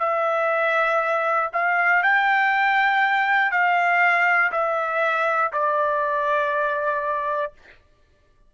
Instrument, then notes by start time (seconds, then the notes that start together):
trumpet
0.00 E5
1.53 F5
2.03 G5
3.51 F5
4.51 E5
5.53 D5